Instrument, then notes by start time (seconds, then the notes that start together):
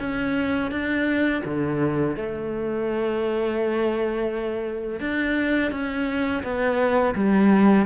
cello
0.00 C#4
0.71 D4
1.45 D3
2.16 A3
5.00 D4
5.72 C#4
6.44 B3
7.15 G3